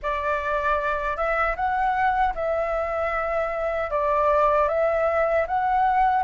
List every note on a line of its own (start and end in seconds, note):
0.02 1.16 D5
1.16 1.55 E5
1.55 2.33 F#5
2.34 3.90 E5
3.90 4.68 D5
4.68 5.46 E5
5.47 6.23 F#5